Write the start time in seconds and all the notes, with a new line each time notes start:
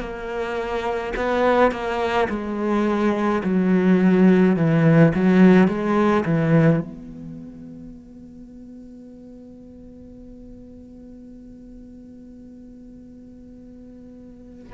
0.00 A#3
1.16 B3
1.72 A#3
2.30 G#3
3.44 F#3
4.56 E3
5.15 F#3
5.68 G#3
6.26 E3
6.81 B3